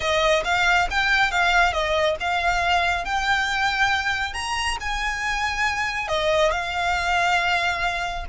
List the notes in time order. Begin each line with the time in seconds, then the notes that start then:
0.00 D#5
0.44 F5
0.90 G5
1.31 F5
1.72 D#5
2.20 F5
3.04 G5
4.33 A#5
4.80 G#5
6.08 D#5
6.51 F5